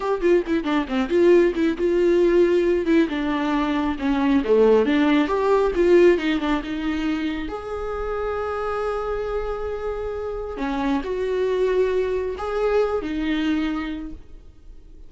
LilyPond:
\new Staff \with { instrumentName = "viola" } { \time 4/4 \tempo 4 = 136 g'8 f'8 e'8 d'8 c'8 f'4 e'8 | f'2~ f'8 e'8 d'4~ | d'4 cis'4 a4 d'4 | g'4 f'4 dis'8 d'8 dis'4~ |
dis'4 gis'2.~ | gis'1 | cis'4 fis'2. | gis'4. dis'2~ dis'8 | }